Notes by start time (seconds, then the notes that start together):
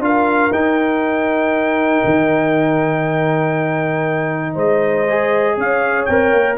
0.00 D4 F4 A#4 F5
0.51 D#4 G5
2.05 D#3
4.54 G#3 C5 D#5
5.09 G#4
5.57 C#4 C#5 F5
6.06 C4 A#4 G5
6.33 A#3